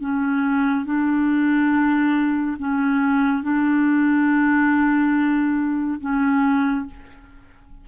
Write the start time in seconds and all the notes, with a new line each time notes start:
0.00 C#4
0.85 D4
2.58 C#4
3.42 D4
6.00 C#4